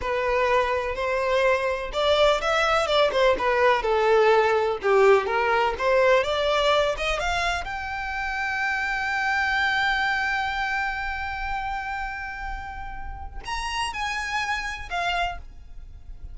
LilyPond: \new Staff \with { instrumentName = "violin" } { \time 4/4 \tempo 4 = 125 b'2 c''2 | d''4 e''4 d''8 c''8 b'4 | a'2 g'4 ais'4 | c''4 d''4. dis''8 f''4 |
g''1~ | g''1~ | g''1 | ais''4 gis''2 f''4 | }